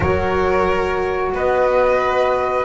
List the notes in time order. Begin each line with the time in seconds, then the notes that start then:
0.00 F#3 F#4 A#4 C#5
1.32 B3 B4 D#5